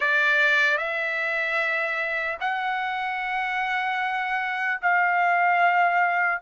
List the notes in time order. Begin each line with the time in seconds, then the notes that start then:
0.00 D5
0.77 E5
2.40 F#5
4.81 F5